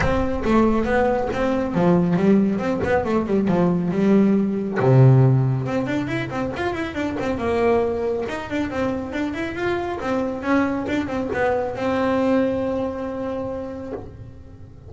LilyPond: \new Staff \with { instrumentName = "double bass" } { \time 4/4 \tempo 4 = 138 c'4 a4 b4 c'4 | f4 g4 c'8 b8 a8 g8 | f4 g2 c4~ | c4 c'8 d'8 e'8 c'8 f'8 e'8 |
d'8 c'8 ais2 dis'8 d'8 | c'4 d'8 e'8 f'4 c'4 | cis'4 d'8 c'8 b4 c'4~ | c'1 | }